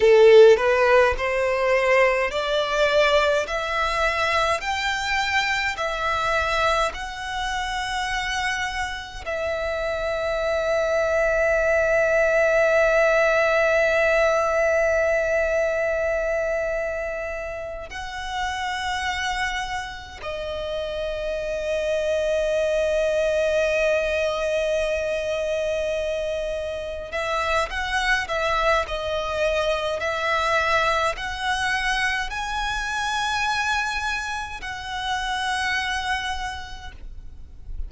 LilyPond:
\new Staff \with { instrumentName = "violin" } { \time 4/4 \tempo 4 = 52 a'8 b'8 c''4 d''4 e''4 | g''4 e''4 fis''2 | e''1~ | e''2.~ e''8 fis''8~ |
fis''4. dis''2~ dis''8~ | dis''2.~ dis''8 e''8 | fis''8 e''8 dis''4 e''4 fis''4 | gis''2 fis''2 | }